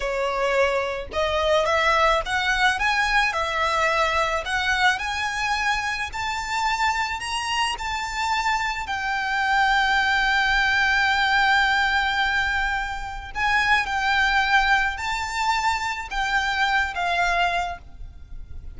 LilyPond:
\new Staff \with { instrumentName = "violin" } { \time 4/4 \tempo 4 = 108 cis''2 dis''4 e''4 | fis''4 gis''4 e''2 | fis''4 gis''2 a''4~ | a''4 ais''4 a''2 |
g''1~ | g''1 | gis''4 g''2 a''4~ | a''4 g''4. f''4. | }